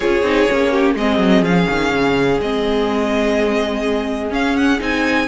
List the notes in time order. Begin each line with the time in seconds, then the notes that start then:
0.00 C#4 F4 G#4 C#5
0.22 C4 D#4
0.49 A#3 C#4
0.71 G4
0.94 G#3 C4 G#4 D#5
1.18 F#3
1.41 F3 C#4 F5
1.69 D#3
1.93 C#3
2.39 G#3 C4 D#5
4.30 C#4 F5
4.56 F#5
4.79 C4 D#4 G#5